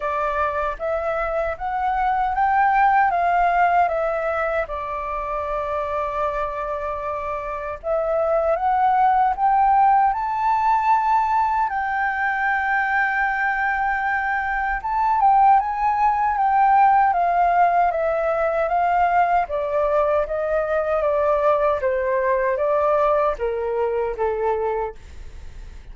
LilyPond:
\new Staff \with { instrumentName = "flute" } { \time 4/4 \tempo 4 = 77 d''4 e''4 fis''4 g''4 | f''4 e''4 d''2~ | d''2 e''4 fis''4 | g''4 a''2 g''4~ |
g''2. a''8 g''8 | gis''4 g''4 f''4 e''4 | f''4 d''4 dis''4 d''4 | c''4 d''4 ais'4 a'4 | }